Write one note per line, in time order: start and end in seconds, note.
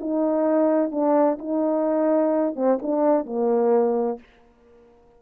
0.00 0.91 D#4
0.91 1.38 D4
1.39 2.55 D#4
2.55 2.79 C4
2.82 3.26 D4
3.26 4.19 A#3